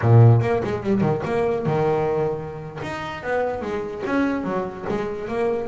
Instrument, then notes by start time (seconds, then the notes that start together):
double bass
0.01 A#2
0.41 A#3
0.63 G#3
0.82 G3
1.01 D#3
1.25 A#3
1.66 D#3
2.82 D#4
3.23 B3
3.61 G#3
4.06 C#4
4.44 F#3
4.88 G#3
5.28 A#3